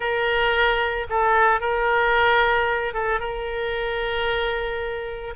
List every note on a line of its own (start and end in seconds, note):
0.00 1.06 A#4
1.09 1.60 A4
1.60 2.93 A#4
2.93 3.19 A4
3.19 5.34 A#4